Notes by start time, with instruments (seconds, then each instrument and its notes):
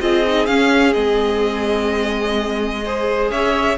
0.00 cello C4, viola F4, violin G#4 D#5
0.27 viola D#4
0.46 viola C#4, cello C#4, violin F5
0.93 cello G#3, viola C4, violin D#5
2.84 viola G#4, violin C5
3.30 cello C#4, violin C#5 E5